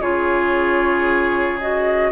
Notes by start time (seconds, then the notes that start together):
0.00 C#3 F4 G#4 C#5
1.60 F#4 D#5